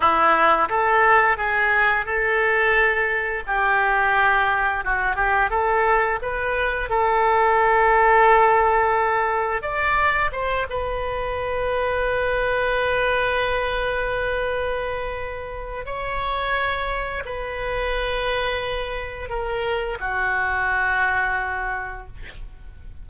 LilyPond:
\new Staff \with { instrumentName = "oboe" } { \time 4/4 \tempo 4 = 87 e'4 a'4 gis'4 a'4~ | a'4 g'2 fis'8 g'8 | a'4 b'4 a'2~ | a'2 d''4 c''8 b'8~ |
b'1~ | b'2. cis''4~ | cis''4 b'2. | ais'4 fis'2. | }